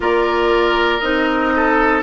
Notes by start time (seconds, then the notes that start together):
0.00 A#3 F4 A#4 D5
1.00 C4 D#4 D#5
1.56 A4